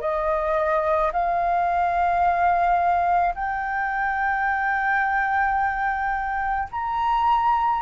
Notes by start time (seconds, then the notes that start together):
0.00 D#5
1.12 F5
3.35 G5
6.71 A#5